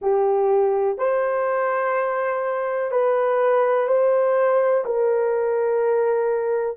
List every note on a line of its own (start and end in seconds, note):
0.01 0.98 G4
0.98 2.91 C5
2.91 3.87 B4
3.87 4.84 C5
4.85 6.77 A#4